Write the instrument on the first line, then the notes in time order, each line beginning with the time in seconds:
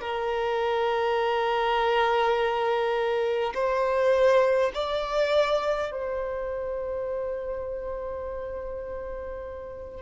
violin
0.00 A#4
3.54 C5
4.74 D5
5.91 C5